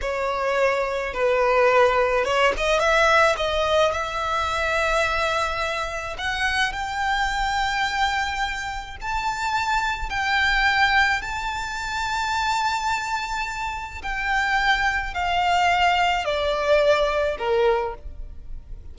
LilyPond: \new Staff \with { instrumentName = "violin" } { \time 4/4 \tempo 4 = 107 cis''2 b'2 | cis''8 dis''8 e''4 dis''4 e''4~ | e''2. fis''4 | g''1 |
a''2 g''2 | a''1~ | a''4 g''2 f''4~ | f''4 d''2 ais'4 | }